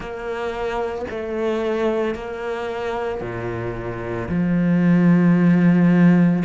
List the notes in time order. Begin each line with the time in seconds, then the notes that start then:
0.00 A#3
1.10 A3
2.14 A#3
3.21 A#2
4.29 F3